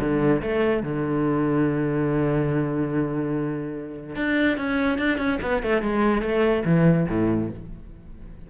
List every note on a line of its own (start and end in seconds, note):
0.00 0.42 D3
0.42 0.83 A3
0.83 4.16 D3
4.16 4.58 D4
4.58 4.99 C#4
4.99 5.18 D4
5.18 5.39 C#4
5.42 5.63 B3
5.63 5.83 A3
5.83 6.22 G#3
6.22 6.64 A3
6.65 7.07 E3
7.09 7.51 A2